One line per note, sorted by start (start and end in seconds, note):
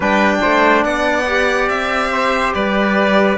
0.00 0.39 G3
0.00 1.25 D4
0.00 0.38 B4
0.00 0.84 G5
0.41 0.84 A3
0.41 0.83 C5
0.84 1.68 B3
0.84 2.11 D5
0.84 1.68 F#5
1.25 3.36 G4
1.68 2.53 C4
1.68 2.53 E5
2.12 2.54 C5
2.54 3.37 G3
2.54 3.37 B4
2.54 3.37 D5